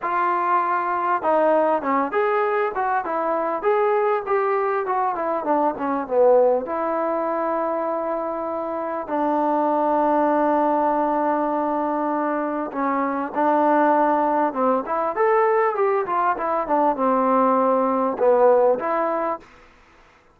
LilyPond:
\new Staff \with { instrumentName = "trombone" } { \time 4/4 \tempo 4 = 99 f'2 dis'4 cis'8 gis'8~ | gis'8 fis'8 e'4 gis'4 g'4 | fis'8 e'8 d'8 cis'8 b4 e'4~ | e'2. d'4~ |
d'1~ | d'4 cis'4 d'2 | c'8 e'8 a'4 g'8 f'8 e'8 d'8 | c'2 b4 e'4 | }